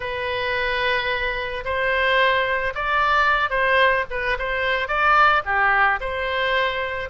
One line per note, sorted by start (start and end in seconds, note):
0.00 1.64 B4
1.64 2.73 C5
2.74 3.50 D5
3.50 4.04 C5
4.10 4.37 B4
4.39 4.87 C5
4.87 5.42 D5
5.45 5.99 G4
6.00 7.09 C5